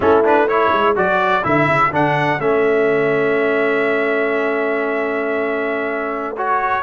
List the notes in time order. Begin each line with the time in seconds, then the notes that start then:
0.00 A3 C#4 E4 A4
0.24 D4 B4
0.48 E4 A4 C#5
0.72 G#3
0.95 F#3 F#4 D5
1.43 D3 E4 E5
1.68 C#3
1.91 D3 D4 F#5
2.39 A3 C#4 E5
6.37 F#4 C#5